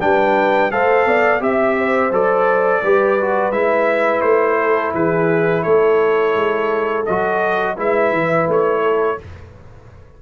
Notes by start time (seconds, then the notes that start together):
0.00 G3 D4 B4 G5
0.71 A3 A4 C5 F5
1.05 B3 D5
1.40 C4 G4 E5
1.78 C5
2.11 F#3 A4 D5
2.82 G3 G4 B4
3.20 F#4
3.51 G#3 E4 E5
4.21 A3 C5
4.60 A4
4.94 E3 G#4 B4
5.63 A3 A4 C#5
6.34 G#3
7.05 F#3 F#4 D#5
7.76 G#3 E4 B4 E5
8.11 E3
8.48 A3 C#5
8.82 A4